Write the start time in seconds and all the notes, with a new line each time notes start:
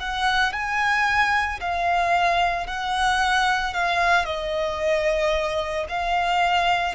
0.00 F#5
0.53 G#5
1.61 F5
2.67 F#5
3.74 F5
4.26 D#5
5.89 F5